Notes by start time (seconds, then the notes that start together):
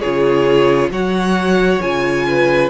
0.00 C#3 F4 G#4 C#5
0.91 F#3 F#4 C#5 F#5
1.82 C#3 F4 G#5
2.28 B4